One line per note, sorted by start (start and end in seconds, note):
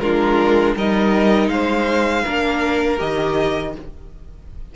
0.00 0.75 G#3
0.00 0.77 D4
0.00 0.75 F4
0.00 0.75 A#4
0.75 1.48 G3
0.75 2.26 D#4
0.75 1.50 A#4
0.75 1.49 D#5
1.48 2.23 G#3
1.48 2.24 C5
1.48 2.99 F5
2.24 3.01 A#3
2.24 2.98 D4
2.24 3.74 A#4
2.98 3.76 D#3
2.98 3.73 G4
2.98 3.75 D#5